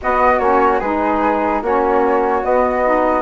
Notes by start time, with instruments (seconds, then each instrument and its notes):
0.01 saxophone B3, bassoon B3, flute F#4 D#5
0.39 bassoon A#3, saxophone C#4, flute C#5
0.80 bassoon G#3, saxophone D#4, flute G#4 B4
1.61 bassoon A#3, saxophone C#4, flute F#4 C#5
2.42 saxophone B3, bassoon B3, flute D#5
2.84 saxophone D#4